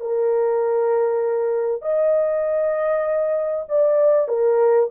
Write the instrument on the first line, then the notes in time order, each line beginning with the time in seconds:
horn
0.00 A#4
1.82 D#5
3.69 D5
4.28 A#4